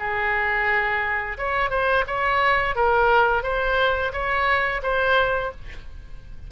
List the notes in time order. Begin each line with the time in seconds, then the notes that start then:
0.00 G#4
1.38 C#5
1.71 C5
2.08 C#5
2.76 A#4
3.44 C5
4.13 C#5
4.83 C5